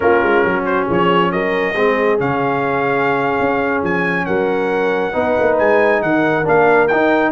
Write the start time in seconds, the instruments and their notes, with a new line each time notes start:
0.00 tuba A#3, trombone C#4, horn F4, trumpet A#4
0.22 tuba G#3
0.43 tuba F#3, horn F#4
0.65 trumpet C5
0.86 tuba F3, horn G#4, trumpet C#5
1.31 tuba F#3, horn A#4, trumpet D#5
1.75 tuba G#3, trombone C4, horn G#4
2.18 tuba C#3, trombone C#4, trumpet F5
3.39 tuba C#4
3.82 tuba F3, trumpet G#5
4.25 tuba F#3, horn A#4, trumpet F#5
5.13 tuba B3, trombone D#4, horn B4
5.39 tuba A#3
5.58 tuba G#3, trumpet G#5
6.02 tuba D#3, horn A#4, trumpet F#5
6.44 tuba A#3, trombone D4, trumpet F5
6.87 tuba D#4, trombone D#4, trumpet G5